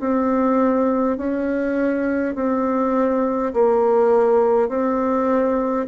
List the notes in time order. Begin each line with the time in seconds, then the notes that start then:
0.00 C4
1.17 C#4
2.35 C4
3.53 A#3
4.69 C4